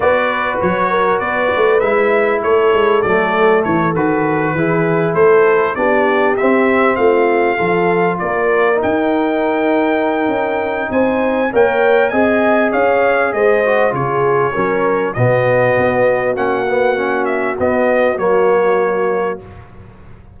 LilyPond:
<<
  \new Staff \with { instrumentName = "trumpet" } { \time 4/4 \tempo 4 = 99 d''4 cis''4 d''4 e''4 | cis''4 d''4 cis''8 b'4.~ | b'8 c''4 d''4 e''4 f''8~ | f''4. d''4 g''4.~ |
g''2 gis''4 g''4 | gis''4 f''4 dis''4 cis''4~ | cis''4 dis''2 fis''4~ | fis''8 e''8 dis''4 cis''2 | }
  \new Staff \with { instrumentName = "horn" } { \time 4/4 b'4. ais'8 b'2 | a'2.~ a'8 gis'8~ | gis'8 a'4 g'2 f'8~ | f'8 a'4 ais'2~ ais'8~ |
ais'2 c''4 cis''4 | dis''4 cis''4 c''4 gis'4 | ais'4 fis'2.~ | fis'1 | }
  \new Staff \with { instrumentName = "trombone" } { \time 4/4 fis'2. e'4~ | e'4 a4. fis'4 e'8~ | e'4. d'4 c'4.~ | c'8 f'2 dis'4.~ |
dis'2. ais'4 | gis'2~ gis'8 fis'8 f'4 | cis'4 b2 cis'8 b8 | cis'4 b4 ais2 | }
  \new Staff \with { instrumentName = "tuba" } { \time 4/4 b4 fis4 b8 a8 gis4 | a8 gis8 fis4 e8 dis4 e8~ | e8 a4 b4 c'4 a8~ | a8 f4 ais4 dis'4.~ |
dis'4 cis'4 c'4 ais4 | c'4 cis'4 gis4 cis4 | fis4 b,4 b4 ais4~ | ais4 b4 fis2 | }
>>